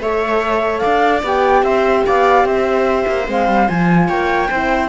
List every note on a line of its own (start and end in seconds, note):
0.00 0.82 A3
0.00 1.23 A4
0.00 0.80 C#5
0.00 0.78 E5
0.78 1.22 D4
0.78 1.62 D5
0.78 1.19 F5
1.22 1.62 B3
1.22 3.26 G4
1.22 1.64 G5
1.62 2.03 C4
1.62 2.05 C5
1.62 2.04 E5
2.06 2.43 B3
2.06 2.45 D5
2.06 2.46 F5
2.43 3.05 C4
2.43 4.07 C5
2.43 3.28 E5
3.07 3.27 A#3
3.26 3.47 G#3
3.26 3.67 C4
3.26 3.68 F5
3.47 3.68 G3
3.67 4.08 F3
3.67 4.49 F4
3.67 4.08 G#5
4.07 4.49 A#3
4.07 4.48 C#5
4.07 4.88 G5
4.50 4.88 C4
4.50 4.88 E4
4.50 4.88 C5